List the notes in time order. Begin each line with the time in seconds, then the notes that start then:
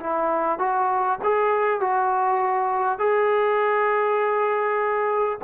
0.00 E4
0.59 F#4
1.24 G#4
1.80 F#4
2.99 G#4